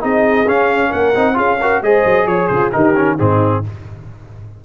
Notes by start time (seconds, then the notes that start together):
0.00 C4 D#4 G#4 D#5
0.46 C#4 F5
0.89 A#3 A#4 F#5
1.15 C4 D#4
1.34 C#4 F4 G#4 F5
1.61 F#4 A#4
1.82 G#3 G#4 C5 D#5
2.05 F#3
2.26 F3 C#5
2.47 C#3 F4 C5
2.72 D#3 D#4 G4 A#4
2.95 C#4
3.17 G#2 C4 D#4 G#4